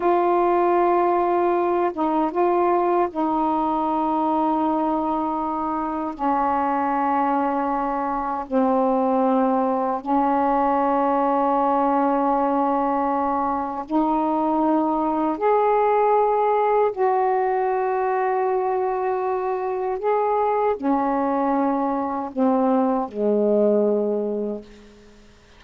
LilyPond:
\new Staff \with { instrumentName = "saxophone" } { \time 4/4 \tempo 4 = 78 f'2~ f'8 dis'8 f'4 | dis'1 | cis'2. c'4~ | c'4 cis'2.~ |
cis'2 dis'2 | gis'2 fis'2~ | fis'2 gis'4 cis'4~ | cis'4 c'4 gis2 | }